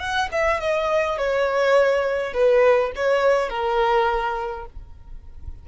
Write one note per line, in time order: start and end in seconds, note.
0.00 0.29 F#5
0.32 0.61 E5
0.61 1.18 D#5
1.18 2.34 C#5
2.34 2.92 B4
2.96 3.50 C#5
3.50 4.66 A#4